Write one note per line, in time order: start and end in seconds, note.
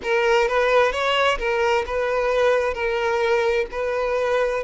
0.03 0.48 A#4
0.48 0.91 B4
0.91 1.38 C#5
1.38 1.84 A#4
1.86 2.74 B4
2.74 3.66 A#4
3.71 4.63 B4